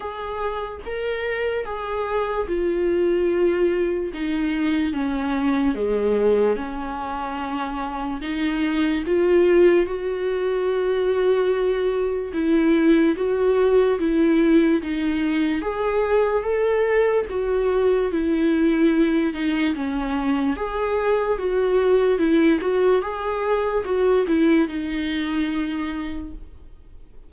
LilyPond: \new Staff \with { instrumentName = "viola" } { \time 4/4 \tempo 4 = 73 gis'4 ais'4 gis'4 f'4~ | f'4 dis'4 cis'4 gis4 | cis'2 dis'4 f'4 | fis'2. e'4 |
fis'4 e'4 dis'4 gis'4 | a'4 fis'4 e'4. dis'8 | cis'4 gis'4 fis'4 e'8 fis'8 | gis'4 fis'8 e'8 dis'2 | }